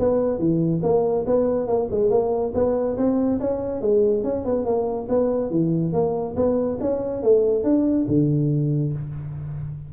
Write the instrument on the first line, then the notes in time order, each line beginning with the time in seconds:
tuba
0.00 B3
0.39 E3
0.83 A#3
1.27 B3
1.68 A#3
1.91 G#3
2.11 A#3
2.55 B3
2.98 C4
3.40 C#4
3.82 G#3
4.24 C#4
4.45 B3
4.66 A#3
5.09 B3
5.51 E3
5.93 A#3
6.36 B3
6.81 C#4
7.23 A3
7.64 D4
8.09 D3